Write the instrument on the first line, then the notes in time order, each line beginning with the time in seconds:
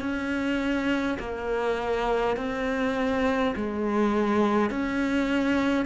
cello
0.00 C#4
1.19 A#3
2.37 C4
3.56 G#3
4.70 C#4